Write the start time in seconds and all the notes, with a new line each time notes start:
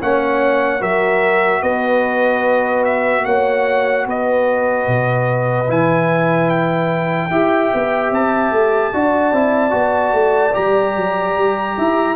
0.00 A#3 C#4 C#5 F#5
0.80 F#3 F#4 A#4 E5
1.62 B3 B4 D#5
2.85 E5
3.25 A#3 C#5 F#5
4.06 B3 B4 D#5
4.88 B2
5.68 E3 E4 G#5
6.49 G5
7.30 E4 G4 E5
7.74 B3
8.11 C4 A5
8.52 A3
8.93 D4 F#4 D5
9.32 C4 E4
9.70 B3 F#4
10.13 A3
10.53 G3 G4 A#5
10.96 F#3
11.36 G3
11.78 E4 E5